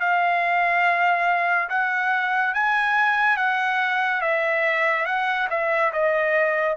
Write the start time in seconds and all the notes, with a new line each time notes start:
0.00 F5
1.70 F#5
2.54 G#5
3.37 F#5
4.21 E5
5.06 F#5
5.50 E5
5.93 D#5